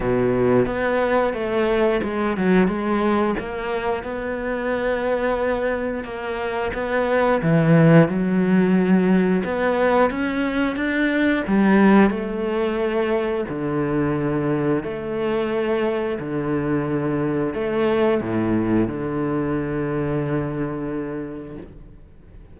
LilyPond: \new Staff \with { instrumentName = "cello" } { \time 4/4 \tempo 4 = 89 b,4 b4 a4 gis8 fis8 | gis4 ais4 b2~ | b4 ais4 b4 e4 | fis2 b4 cis'4 |
d'4 g4 a2 | d2 a2 | d2 a4 a,4 | d1 | }